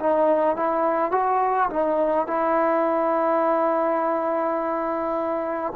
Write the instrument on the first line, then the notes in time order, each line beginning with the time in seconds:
trombone
0.00 D#4
0.56 E4
1.12 F#4
1.70 D#4
2.27 E4